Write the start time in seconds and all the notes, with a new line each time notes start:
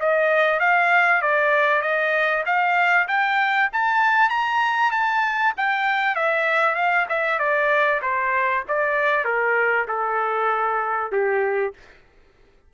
0.00 D#5
0.60 F5
1.22 D5
1.82 D#5
2.46 F5
3.08 G5
3.73 A5
4.29 A#5
4.91 A5
5.57 G5
6.15 E5
6.75 F5
7.09 E5
7.39 D5
8.02 C5
8.68 D5
9.24 A#4
9.88 A4
11.12 G4